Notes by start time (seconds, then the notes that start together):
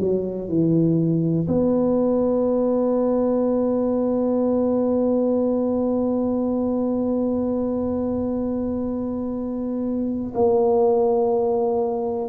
0.00 F#3
0.48 E3
1.48 B3
10.35 A#3